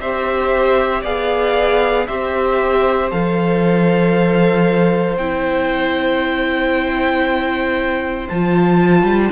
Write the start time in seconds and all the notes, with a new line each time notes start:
0.00 C4 G4 C5 E5
1.02 B3 G#4 D5 F5
2.07 C4 G4 C5 E5
3.11 F3 A4 F5
5.17 C4 E4 G5
8.29 F3 F4 A5
9.03 G3